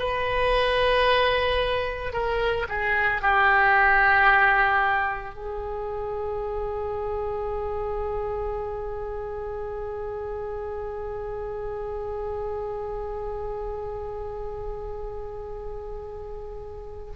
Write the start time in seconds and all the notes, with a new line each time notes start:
0.00 B4
2.13 A#4
2.69 G#4
3.22 G4
5.35 G#4